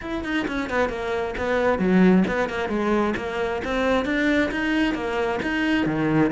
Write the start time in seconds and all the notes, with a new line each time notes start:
0.01 E4
0.24 D#4
0.47 C#4
0.69 B3
0.89 A#3
1.37 B3
1.78 F#3
2.27 B3
2.49 A#3
2.68 G#3
3.16 A#3
3.64 C4
4.05 D4
4.51 D#4
4.94 A#3
5.42 D#4
5.86 D#3